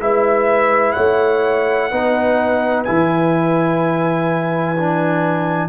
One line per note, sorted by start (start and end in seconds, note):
0.00 0.95 G#3
0.00 1.91 E4
0.00 0.94 B4
0.00 0.92 E5
0.92 1.92 A3
0.92 1.89 C#5
0.92 2.83 F#5
1.91 2.87 B3
1.91 2.86 D#4
1.91 5.69 B4
2.84 5.69 E3
2.84 4.76 E4
2.84 5.69 G#5
4.77 5.69 D4